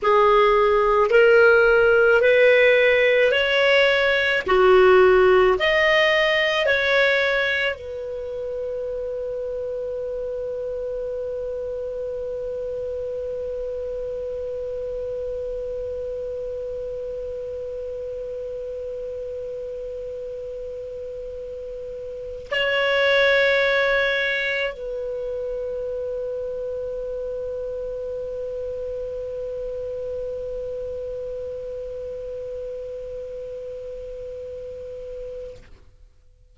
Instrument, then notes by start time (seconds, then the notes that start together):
clarinet
0.02 G#4
1.10 A#4
2.21 B4
3.31 C#5
4.46 F#4
5.59 D#5
6.66 C#5
7.75 B4
22.51 C#5
24.73 B4